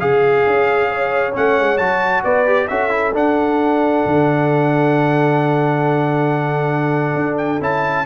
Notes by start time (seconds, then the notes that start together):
0.00 C#3 G#4 F5
0.47 C#4
0.90 C#5
1.33 A3 C#4 F#5
1.59 G#3
1.78 F#3 F#4 A5
2.24 B3 B4 D5
2.46 G4
2.68 C#4 F#4 A4 E5
2.90 E4
3.14 D4 F#5
4.06 D3
7.15 D4
7.38 G5
7.61 C#4 E4 A5